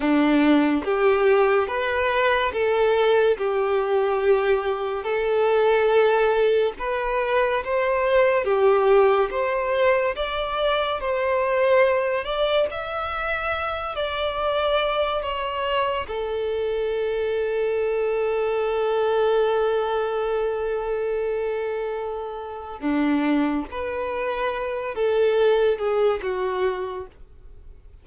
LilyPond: \new Staff \with { instrumentName = "violin" } { \time 4/4 \tempo 4 = 71 d'4 g'4 b'4 a'4 | g'2 a'2 | b'4 c''4 g'4 c''4 | d''4 c''4. d''8 e''4~ |
e''8 d''4. cis''4 a'4~ | a'1~ | a'2. d'4 | b'4. a'4 gis'8 fis'4 | }